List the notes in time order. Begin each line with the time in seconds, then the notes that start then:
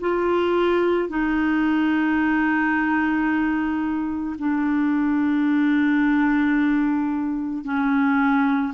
0.00 F4
1.09 D#4
4.39 D4
7.64 C#4